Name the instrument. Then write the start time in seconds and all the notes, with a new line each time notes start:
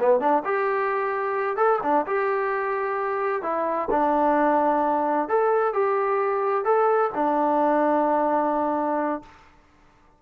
trombone
0.00 B3
0.20 D4
0.45 G4
1.57 A4
1.83 D4
2.07 G4
3.43 E4
3.91 D4
5.29 A4
5.74 G4
6.65 A4
7.15 D4